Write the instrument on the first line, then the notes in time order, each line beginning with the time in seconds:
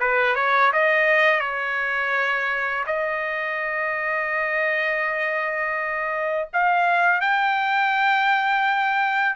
trumpet
0.00 B4
0.35 C#5
0.73 D#5
1.40 C#5
2.87 D#5
6.53 F5
7.21 G5